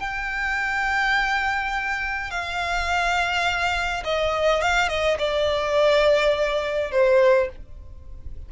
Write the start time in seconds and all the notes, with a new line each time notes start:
0.00 G5
2.31 F5
4.05 D#5
4.62 F5
4.89 D#5
5.19 D5
6.92 C5